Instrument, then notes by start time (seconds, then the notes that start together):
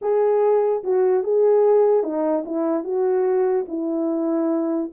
horn
0.01 G#4
0.83 F#4
1.23 G#4
2.03 D#4
2.45 E4
2.83 F#4
3.68 E4